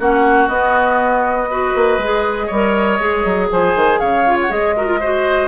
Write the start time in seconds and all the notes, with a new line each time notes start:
0.00 A#3 C#4 F#4 F#5
0.49 B3 D#5
1.50 F#4 B4
1.76 A#3
1.99 G#3 G#4
2.47 G3 A#4 C#5
3.00 G#3 G#4
3.25 F#3
3.51 F3 C5 G#5
3.76 D#3
4.00 C#3 C#5 F5
4.27 F4
4.42 F#5
4.50 G#3 G#4 D#5
4.77 F#4 A#4
4.87 F4
5.00 F#4 C5